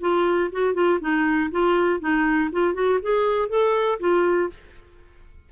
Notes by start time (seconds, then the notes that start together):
0.00 F4
0.52 F#4
0.74 F4
1.00 D#4
1.51 F4
2.00 D#4
2.51 F4
2.74 F#4
3.02 G#4
3.48 A4
3.99 F4